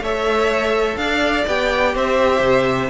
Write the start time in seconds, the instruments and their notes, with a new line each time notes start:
0.00 cello A3, viola A4, violin C#5 E5
0.96 cello D4, violin D5 F5
1.47 cello B3, viola G4, violin G5
1.94 cello C4, violin C5 E5
2.40 cello C3